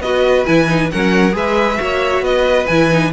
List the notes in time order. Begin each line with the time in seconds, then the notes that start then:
0.00 B3 F#4 B4 D#5
0.46 E3 E4 G#5
0.67 D#4
0.91 F#3 C#4 A#4 F#5
1.32 G#3 G#4 B4 E5
1.77 A#3 F#4 C#5
2.21 B3 B4 D#5
2.67 E3 E4 G#5
2.91 D#4